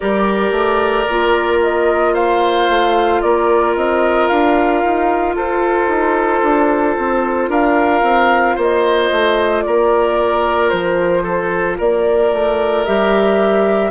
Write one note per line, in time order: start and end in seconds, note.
0.00 0.51 G3
0.00 1.07 G4
0.00 2.13 A#4
0.00 1.59 D5
0.51 1.04 A3
1.08 2.69 A#3
1.08 12.86 F4
1.62 2.14 D#5
2.13 3.20 C5
2.13 3.21 F5
2.69 3.23 A3
3.21 3.75 A#3
3.21 5.35 A#4
3.21 3.75 D5
3.75 4.29 C4
3.75 4.27 D#5
4.27 4.83 D4
4.27 5.34 F5
4.83 5.35 D#4
5.35 5.87 F4
5.35 7.49 A4
5.35 7.51 C5
5.87 6.41 D#4
6.42 6.96 D4
6.98 7.48 C4
7.48 8.02 D4
7.48 8.55 A#4
7.48 8.58 F5
8.02 8.56 C4
8.55 9.10 A#3
8.55 9.62 C5
8.55 9.62 D#5
9.11 9.65 A3
9.62 10.72 A#3
9.62 11.23 A#4
9.62 10.69 D5
10.69 11.79 F3
10.69 11.76 C5
11.23 11.76 A4
11.77 12.32 A#3
11.77 13.90 A#4
11.77 12.84 D5
12.32 12.86 A3
12.84 13.90 G3
12.84 13.90 G4
12.84 13.90 E5